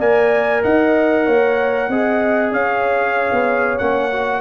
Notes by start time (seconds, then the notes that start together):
0.00 A#3 A#4 D5 G#5
0.63 D#4 D#5 F#5
1.26 A#3 C#5
1.90 C4 G#4 D#5
2.52 C#4 C#5 F5
3.32 B3
3.79 A#3 C#4 F#5
4.12 F#4